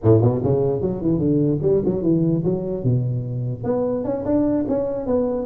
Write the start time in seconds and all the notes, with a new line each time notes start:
0.03 A2
0.21 B2
0.43 C#3
0.81 F#3
1.01 E3
1.18 D3
1.62 G3
1.85 F#3
2.02 E3
2.44 F#3
2.83 B2
3.63 B3
4.04 C#4
4.25 D4
4.68 C#4
5.06 B3